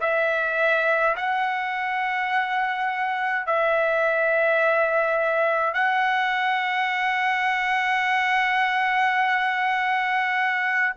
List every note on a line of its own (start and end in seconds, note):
0.00 1.15 E5
1.16 3.46 F#5
3.46 5.74 E5
5.74 10.93 F#5